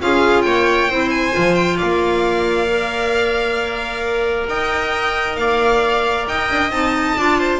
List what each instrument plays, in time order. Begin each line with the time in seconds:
0.00 double bass C#4, clarinet F4, viola G#4, violin F5
0.42 double bass A#3, viola C#5, violin G5
0.89 double bass C4, clarinet E4, viola C5
1.10 violin G#5
1.32 double bass F3, clarinet F4
1.54 violin G5
1.76 viola D5, violin F5
1.82 double bass A#3
2.69 clarinet A#4
4.48 double bass D#4, viola D#5, violin G5
5.36 double bass A#3, viola D5, violin F5
6.27 double bass D#4, viola D#5, violin G5
6.50 double bass D4
6.70 double bass C4, clarinet D#4, violin A5
7.17 double bass D4, clarinet F4, viola D5
7.38 viola C5